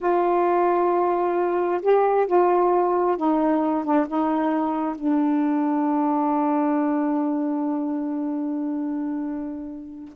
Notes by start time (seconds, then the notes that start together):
0.00 F4
1.82 G4
2.26 F4
3.17 D#4
3.84 D4
4.07 D#4
4.95 D4